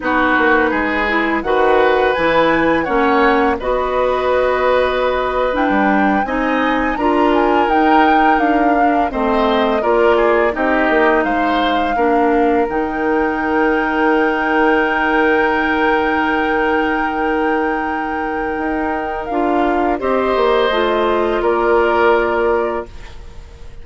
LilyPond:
<<
  \new Staff \with { instrumentName = "flute" } { \time 4/4 \tempo 4 = 84 b'2 fis''4 gis''4 | fis''4 dis''2~ dis''8. g''16~ | g''8. gis''4 ais''8 gis''8 g''4 f''16~ | f''8. dis''4 d''4 dis''4 f''16~ |
f''4.~ f''16 g''2~ g''16~ | g''1~ | g''2. f''4 | dis''2 d''2 | }
  \new Staff \with { instrumentName = "oboe" } { \time 4/4 fis'4 gis'4 b'2 | cis''4 b'2.~ | b'8. dis''4 ais'2~ ais'16~ | ais'8. c''4 ais'8 gis'8 g'4 c''16~ |
c''8. ais'2.~ ais'16~ | ais'1~ | ais'1 | c''2 ais'2 | }
  \new Staff \with { instrumentName = "clarinet" } { \time 4/4 dis'4. e'8 fis'4 e'4 | cis'4 fis'2~ fis'8. d'16~ | d'8. dis'4 f'4 dis'4~ dis'16~ | dis'16 d'8 c'4 f'4 dis'4~ dis'16~ |
dis'8. d'4 dis'2~ dis'16~ | dis'1~ | dis'2. f'4 | g'4 f'2. | }
  \new Staff \with { instrumentName = "bassoon" } { \time 4/4 b8 ais8 gis4 dis4 e4 | ais4 b2~ b8. e'16 | g8. c'4 d'4 dis'4 d'16~ | d'8. a4 ais4 c'8 ais8 gis16~ |
gis8. ais4 dis2~ dis16~ | dis1~ | dis2 dis'4 d'4 | c'8 ais8 a4 ais2 | }
>>